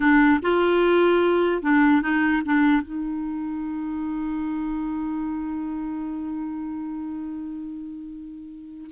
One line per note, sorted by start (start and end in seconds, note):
0.00 0.40 D4
0.42 1.62 F4
1.62 2.01 D4
2.01 2.42 D#4
2.45 2.82 D4
2.82 8.90 D#4